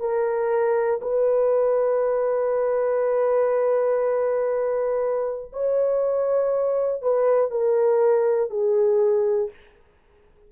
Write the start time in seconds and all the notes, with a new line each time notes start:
0.00 A#4
1.01 B4
5.53 C#5
7.02 B4
7.50 A#4
8.50 G#4